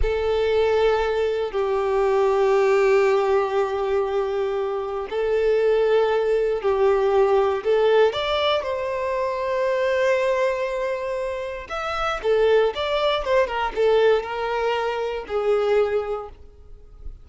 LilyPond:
\new Staff \with { instrumentName = "violin" } { \time 4/4 \tempo 4 = 118 a'2. g'4~ | g'1~ | g'2 a'2~ | a'4 g'2 a'4 |
d''4 c''2.~ | c''2. e''4 | a'4 d''4 c''8 ais'8 a'4 | ais'2 gis'2 | }